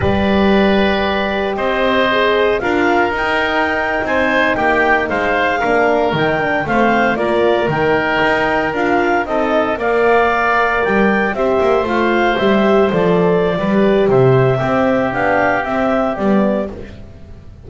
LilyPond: <<
  \new Staff \with { instrumentName = "clarinet" } { \time 4/4 \tempo 4 = 115 d''2. dis''4~ | dis''4 f''4 g''4.~ g''16 gis''16~ | gis''8. g''4 f''2 g''16~ | g''8. f''4 d''4 g''4~ g''16~ |
g''8. f''4 dis''4 f''4~ f''16~ | f''8. g''4 e''4 f''4 e''16~ | e''8. d''2~ d''16 e''4~ | e''4 f''4 e''4 d''4 | }
  \new Staff \with { instrumentName = "oboe" } { \time 4/4 b'2. c''4~ | c''4 ais'2~ ais'8. c''16~ | c''8. g'4 c''4 ais'4~ ais'16~ | ais'8. c''4 ais'2~ ais'16~ |
ais'4.~ ais'16 a'4 d''4~ d''16~ | d''4.~ d''16 c''2~ c''16~ | c''2 b'4 c''4 | g'1 | }
  \new Staff \with { instrumentName = "horn" } { \time 4/4 g'1 | gis'4 f'4 dis'2~ | dis'2~ dis'8. d'4 dis'16~ | dis'16 d'8 c'4 f'4 dis'4~ dis'16~ |
dis'8. f'4 dis'4 ais'4~ ais'16~ | ais'4.~ ais'16 g'4 f'4 g'16~ | g'8. a'4~ a'16 g'2 | c'4 d'4 c'4 b4 | }
  \new Staff \with { instrumentName = "double bass" } { \time 4/4 g2. c'4~ | c'4 d'4 dis'4.~ dis'16 c'16~ | c'8. ais4 gis4 ais4 dis16~ | dis8. a4 ais4 dis4 dis'16~ |
dis'8. d'4 c'4 ais4~ ais16~ | ais8. g4 c'8 ais8 a4 g16~ | g8. f4~ f16 g4 c4 | c'4 b4 c'4 g4 | }
>>